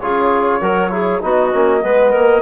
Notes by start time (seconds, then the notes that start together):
0.00 C#3 F4 G#4 C#5
0.60 F#3 F#4 A#4
0.90 E4 G#4
1.22 B3 D#4 F#4 D#5
1.53 A#3 C#4
1.81 G#3 B3 B4
2.11 A#3 A#4